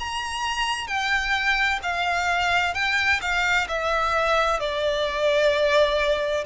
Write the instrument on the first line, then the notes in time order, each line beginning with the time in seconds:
violin
0.00 A#5
0.88 G5
1.83 F5
2.74 G5
3.21 F5
3.69 E5
4.60 D5